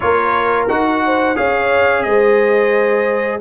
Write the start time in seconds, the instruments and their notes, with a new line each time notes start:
0.00 tuba A#3, trombone F4, horn A#4, trumpet C#5
0.68 tuba D#4, trombone F#4, trumpet F#5
1.05 horn C5
1.35 tuba C#4, trombone G#4, horn C#5, trumpet F5
2.03 tuba G#3, horn C5, trumpet D#5